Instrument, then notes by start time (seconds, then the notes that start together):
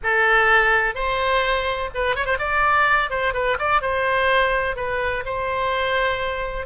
oboe
0.03 A4
0.94 C5
1.94 B4
2.15 C#5
2.25 C5
2.39 D5
3.10 C5
3.33 B4
3.58 D5
3.81 C5
4.76 B4
5.25 C5